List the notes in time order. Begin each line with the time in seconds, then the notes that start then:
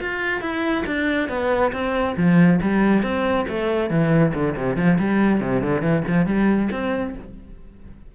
0.00 F4
0.42 E4
0.87 D4
1.29 B3
1.72 C4
2.17 F3
2.62 G3
3.03 C4
3.49 A3
3.90 E3
4.34 D3
4.56 C3
4.76 F3
4.99 G3
5.41 C3
5.62 D3
5.82 E3
6.08 F3
6.26 G3
6.72 C4